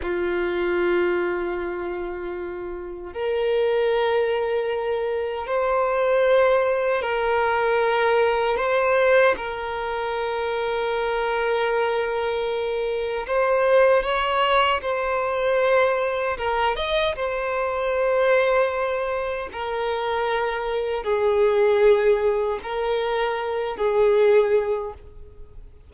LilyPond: \new Staff \with { instrumentName = "violin" } { \time 4/4 \tempo 4 = 77 f'1 | ais'2. c''4~ | c''4 ais'2 c''4 | ais'1~ |
ais'4 c''4 cis''4 c''4~ | c''4 ais'8 dis''8 c''2~ | c''4 ais'2 gis'4~ | gis'4 ais'4. gis'4. | }